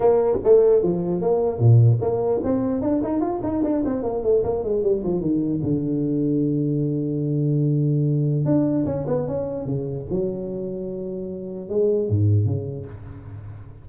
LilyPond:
\new Staff \with { instrumentName = "tuba" } { \time 4/4 \tempo 4 = 149 ais4 a4 f4 ais4 | ais,4 ais4 c'4 d'8 dis'8 | f'8 dis'8 d'8 c'8 ais8 a8 ais8 gis8 | g8 f8 dis4 d2~ |
d1~ | d4 d'4 cis'8 b8 cis'4 | cis4 fis2.~ | fis4 gis4 gis,4 cis4 | }